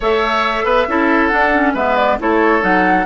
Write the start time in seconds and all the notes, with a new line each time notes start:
0.00 A3 A4 C#5 E5
0.64 B3 B4
0.87 C#4 E4 A4
1.27 D4 F#5
1.54 C#4
1.73 G#3 B3 B4 E5
1.96 D5
2.19 A3 E4 A4 C#5
2.61 F#3 D#4 F#5